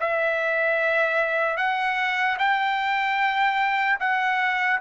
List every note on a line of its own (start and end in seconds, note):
0.00 1.57 E5
1.57 2.37 F#5
2.39 3.99 G5
4.00 4.80 F#5